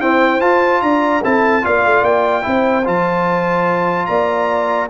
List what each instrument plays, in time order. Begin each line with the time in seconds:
0.00 trombone C4, tuba E4, horn C5, trumpet G5
0.40 trombone F4, tuba F4, trumpet A5
0.82 tuba D4, horn D5, trumpet A#5
1.24 tuba C4, trombone E4, horn A4, trumpet A5
1.62 tuba A#3, trombone F4, horn D5, trumpet F5
1.86 tuba A3
2.03 tuba A#3, trumpet G5
2.42 tuba C4, trombone E4, horn C5
2.85 tuba F3, trombone F4, trumpet A5
4.06 tuba A#3, horn D5, trumpet A#5